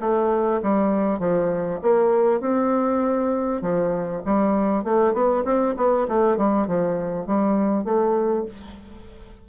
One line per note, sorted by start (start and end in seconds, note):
0.00 0.61 A3
0.62 1.19 G3
1.19 1.80 F3
1.82 2.40 A#3
2.40 3.61 C4
3.61 4.22 F3
4.25 4.84 G3
4.84 5.13 A3
5.13 5.44 B3
5.45 5.75 C4
5.77 6.07 B3
6.08 6.37 A3
6.37 6.67 G3
6.67 7.26 F3
7.26 7.84 G3
7.84 8.45 A3